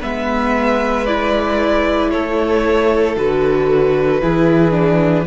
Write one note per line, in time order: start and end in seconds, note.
0.00 2.13 G#3
0.00 1.06 B3
0.00 2.11 B4
0.00 1.06 E5
1.06 3.17 E4
1.06 2.11 D5
2.11 3.16 A3
2.11 4.22 A4
2.11 3.16 C#5
3.16 4.21 D3
3.16 4.21 F#4
3.16 5.26 B4
4.21 5.26 E3
4.21 4.71 E4
4.21 5.26 G#4
4.71 5.24 D4